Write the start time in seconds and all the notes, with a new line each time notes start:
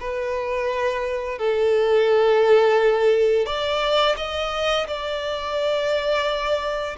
0.00 B4
1.38 A4
3.46 D5
4.17 D#5
4.87 D5